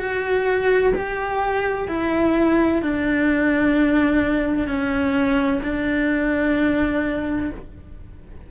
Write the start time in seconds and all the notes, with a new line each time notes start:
0.00 F#4
0.95 G4
1.88 E4
2.82 D4
4.67 C#4
5.63 D4